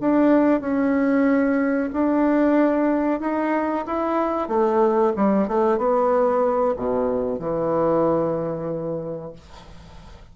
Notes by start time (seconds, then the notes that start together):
0.00 D4
0.61 C#4
1.93 D4
3.20 D#4
3.86 E4
4.48 A3
5.16 G3
5.48 A3
5.77 B3
6.76 B2
7.39 E3